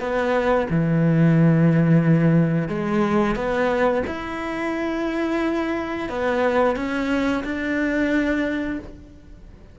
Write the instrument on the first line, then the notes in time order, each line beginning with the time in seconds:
cello
0.00 B3
0.70 E3
2.69 G#3
3.36 B3
4.07 E4
6.09 B3
6.76 C#4
7.44 D4